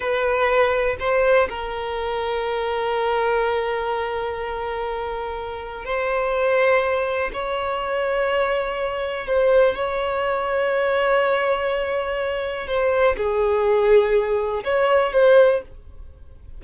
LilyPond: \new Staff \with { instrumentName = "violin" } { \time 4/4 \tempo 4 = 123 b'2 c''4 ais'4~ | ais'1~ | ais'1 | c''2. cis''4~ |
cis''2. c''4 | cis''1~ | cis''2 c''4 gis'4~ | gis'2 cis''4 c''4 | }